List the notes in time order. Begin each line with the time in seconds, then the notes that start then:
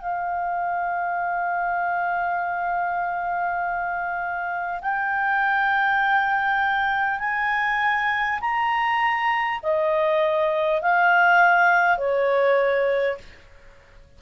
0.00 F5
4.81 G5
7.19 G#5
8.40 A#5
9.62 D#5
10.82 F5
11.98 C#5